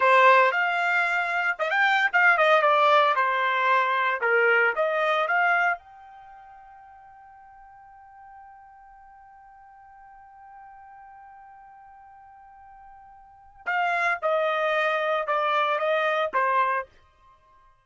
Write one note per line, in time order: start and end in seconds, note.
0.00 0.51 C5
0.51 1.56 F5
1.58 1.70 D#5
1.70 2.10 G5
2.12 2.37 F5
2.37 2.62 D#5
2.62 3.14 D5
3.15 4.20 C5
4.21 4.73 A#4
4.75 5.27 D#5
5.27 5.78 F5
5.78 13.66 G5
13.66 14.18 F5
14.22 15.27 D#5
15.27 15.78 D5
15.78 16.31 D#5
16.33 16.86 C5